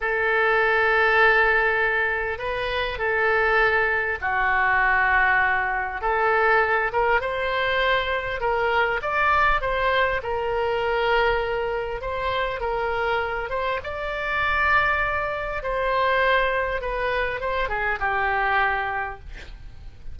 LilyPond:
\new Staff \with { instrumentName = "oboe" } { \time 4/4 \tempo 4 = 100 a'1 | b'4 a'2 fis'4~ | fis'2 a'4. ais'8 | c''2 ais'4 d''4 |
c''4 ais'2. | c''4 ais'4. c''8 d''4~ | d''2 c''2 | b'4 c''8 gis'8 g'2 | }